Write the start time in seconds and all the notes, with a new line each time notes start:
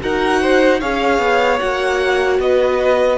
0.00 D#4 F#4 A#4 F#5
0.41 C5
0.80 C#4 G#4 C#5 F5
1.18 B3
1.59 A#3 F#4 F#5
2.39 B3 B4 D#5